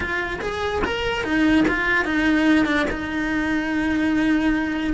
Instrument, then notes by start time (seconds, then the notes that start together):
cello
0.00 F4
0.41 G#4
0.84 A#4
1.23 D#4
1.68 F4
2.04 D#4
2.65 D4
2.90 D#4